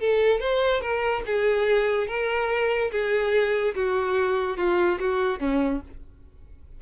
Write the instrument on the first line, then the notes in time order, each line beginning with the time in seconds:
violin
0.00 A4
0.41 C5
0.81 A#4
1.27 G#4
2.08 A#4
2.92 G#4
3.75 F#4
4.57 F4
5.00 F#4
5.40 C#4